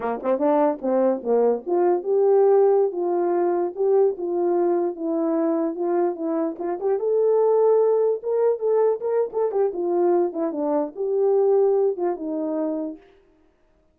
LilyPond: \new Staff \with { instrumentName = "horn" } { \time 4/4 \tempo 4 = 148 ais8 c'8 d'4 c'4 ais4 | f'4 g'2~ g'16 f'8.~ | f'4~ f'16 g'4 f'4.~ f'16~ | f'16 e'2 f'4 e'8.~ |
e'16 f'8 g'8 a'2~ a'8.~ | a'16 ais'4 a'4 ais'8. a'8 g'8 | f'4. e'8 d'4 g'4~ | g'4. f'8 dis'2 | }